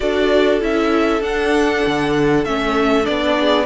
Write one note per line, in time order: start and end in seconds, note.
0.00 0.62 D4
0.00 0.60 F#4
0.00 3.37 A4
0.00 0.60 D5
0.60 1.21 C#4
0.60 1.21 E4
0.60 1.22 E5
1.21 1.82 D4
1.21 2.45 D4
1.21 2.44 F#5
1.86 2.45 D3
2.44 3.06 A3
2.44 3.03 C#4
2.44 3.05 E5
3.03 3.66 B3
3.03 3.64 D4
3.03 3.66 D5
3.39 3.66 G#4